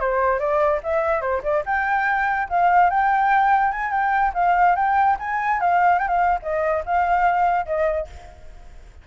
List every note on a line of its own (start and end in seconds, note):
0.00 0.39 C5
0.39 0.81 D5
0.83 1.21 E5
1.21 1.42 C5
1.43 1.64 D5
1.66 2.48 G5
2.49 2.90 F5
2.90 3.72 G5
3.72 3.91 G#5
3.91 4.33 G5
4.34 4.75 F5
4.75 5.17 G5
5.19 5.60 G#5
5.60 5.99 F5
5.99 6.08 G5
6.08 6.39 F5
6.42 6.84 D#5
6.85 7.66 F5
7.66 8.07 D#5